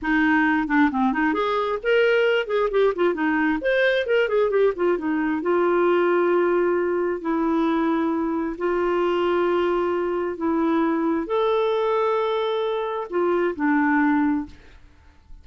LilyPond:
\new Staff \with { instrumentName = "clarinet" } { \time 4/4 \tempo 4 = 133 dis'4. d'8 c'8 dis'8 gis'4 | ais'4. gis'8 g'8 f'8 dis'4 | c''4 ais'8 gis'8 g'8 f'8 dis'4 | f'1 |
e'2. f'4~ | f'2. e'4~ | e'4 a'2.~ | a'4 f'4 d'2 | }